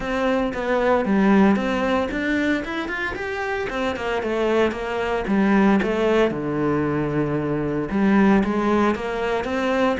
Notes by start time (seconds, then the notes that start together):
0.00 C4
0.53 B3
1.05 G3
1.56 C4
2.11 D4
2.64 E4
2.88 F4
3.15 G4
3.69 C4
3.95 A#3
4.22 A3
4.71 A#3
5.27 G3
5.82 A3
6.30 D3
7.90 G3
8.44 G#3
8.95 A#3
9.44 C4